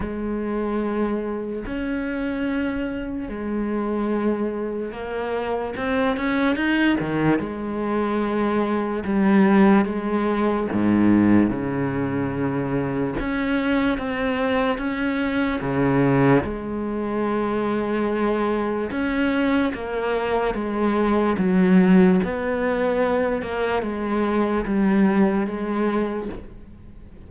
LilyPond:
\new Staff \with { instrumentName = "cello" } { \time 4/4 \tempo 4 = 73 gis2 cis'2 | gis2 ais4 c'8 cis'8 | dis'8 dis8 gis2 g4 | gis4 gis,4 cis2 |
cis'4 c'4 cis'4 cis4 | gis2. cis'4 | ais4 gis4 fis4 b4~ | b8 ais8 gis4 g4 gis4 | }